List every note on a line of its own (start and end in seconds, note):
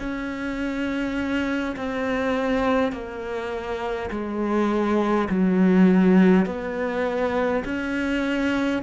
0.00 1.76 C#4
1.76 2.93 C4
2.93 4.11 A#3
4.11 5.29 G#3
5.30 6.47 F#3
6.47 7.64 B3
7.65 8.83 C#4